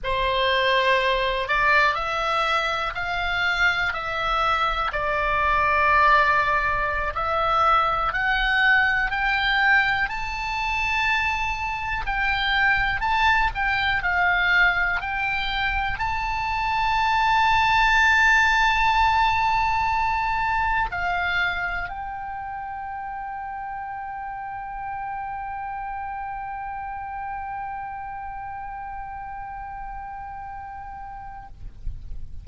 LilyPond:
\new Staff \with { instrumentName = "oboe" } { \time 4/4 \tempo 4 = 61 c''4. d''8 e''4 f''4 | e''4 d''2~ d''16 e''8.~ | e''16 fis''4 g''4 a''4.~ a''16~ | a''16 g''4 a''8 g''8 f''4 g''8.~ |
g''16 a''2.~ a''8.~ | a''4~ a''16 f''4 g''4.~ g''16~ | g''1~ | g''1 | }